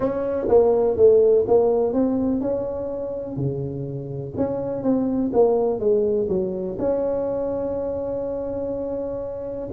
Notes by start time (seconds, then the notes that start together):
0.00 C#4
0.48 A#3
0.96 A3
1.47 A#3
1.93 C4
2.40 C#4
3.36 C#3
4.37 C#4
4.83 C4
5.33 A#3
5.79 G#3
6.28 F#3
6.78 C#4